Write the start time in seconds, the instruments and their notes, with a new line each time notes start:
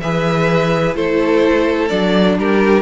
0.00 cello E3, viola G#4, violin B4 E5
0.95 cello A3, viola E4, violin A4 C5
1.88 cello F#3, viola D4, violin D5
2.37 cello G3, violin G4 A#4